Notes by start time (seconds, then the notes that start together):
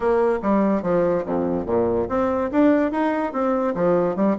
0.00 A#3
0.42 G3
0.82 F3
1.25 F2
1.66 A#2
2.08 C4
2.51 D4
2.91 D#4
3.32 C4
3.75 F3
4.16 G3